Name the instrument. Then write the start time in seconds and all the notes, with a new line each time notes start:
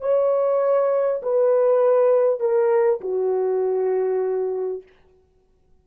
horn
0.00 C#5
1.22 B4
2.40 A#4
3.01 F#4